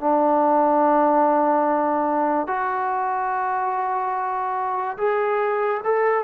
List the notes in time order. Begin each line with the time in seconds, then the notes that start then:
0.00 D4
2.47 F#4
4.97 G#4
5.84 A4